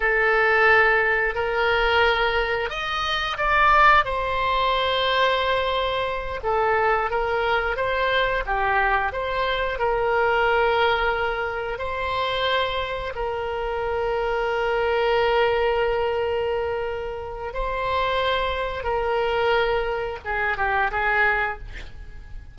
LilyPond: \new Staff \with { instrumentName = "oboe" } { \time 4/4 \tempo 4 = 89 a'2 ais'2 | dis''4 d''4 c''2~ | c''4. a'4 ais'4 c''8~ | c''8 g'4 c''4 ais'4.~ |
ais'4. c''2 ais'8~ | ais'1~ | ais'2 c''2 | ais'2 gis'8 g'8 gis'4 | }